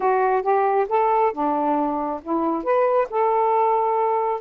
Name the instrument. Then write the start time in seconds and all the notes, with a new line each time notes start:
saxophone
0.00 F#4
0.42 G4
0.88 A4
1.32 D4
2.22 E4
2.63 B4
3.10 A4